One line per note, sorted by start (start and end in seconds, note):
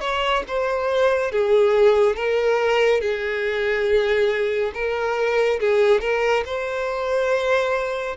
0.00 0.43 C#5
0.47 1.31 C5
1.31 2.15 G#4
2.15 3.00 A#4
3.00 4.72 G#4
4.74 5.59 A#4
5.60 6.00 G#4
6.00 6.43 A#4
6.45 8.16 C5